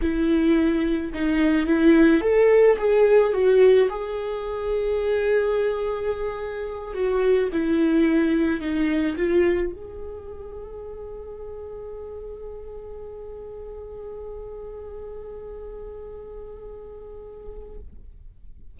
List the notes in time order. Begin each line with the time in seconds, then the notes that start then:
0.01 E4
1.13 D#4
1.66 E4
2.21 A4
2.78 G#4
3.33 F#4
3.89 G#4
6.93 F#4
7.52 E4
8.60 D#4
9.17 F4
9.72 G#4